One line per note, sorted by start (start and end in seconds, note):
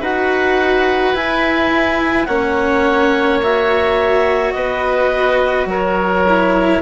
0.00 1.14 D#4
0.00 1.13 F#4
0.00 2.26 B4
0.00 1.15 F#5
1.13 2.26 E4
1.13 2.27 E4
1.13 2.25 G#5
2.25 4.54 A#3
2.25 3.42 C#4
2.25 4.53 C#5
2.25 3.38 F#5
3.42 6.25 F#4
3.42 4.52 E5
4.52 5.65 B3
4.52 5.68 B4
4.52 5.65 D#5
5.65 6.79 F#3
5.65 6.82 A#4
5.65 6.82 C#5
6.27 6.82 E4